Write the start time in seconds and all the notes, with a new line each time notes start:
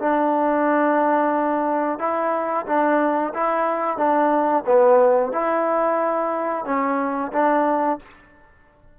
0.00 D4
1.99 E4
2.66 D4
3.34 E4
3.97 D4
4.66 B3
5.32 E4
6.65 C#4
7.32 D4